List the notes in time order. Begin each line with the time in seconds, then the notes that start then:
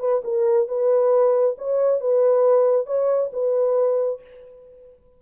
0.00 B4
0.24 A#4
0.68 B4
1.58 C#5
2.01 B4
2.87 C#5
3.33 B4